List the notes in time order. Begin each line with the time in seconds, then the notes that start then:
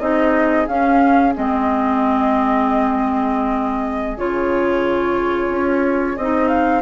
0.00 C4 D#4 G#4 D#5
0.68 C#4 F5
1.35 G#3 C4 D#5
4.18 C#3 F4 C#5
5.50 C#4
6.17 C4 D#4 D#5
6.49 F5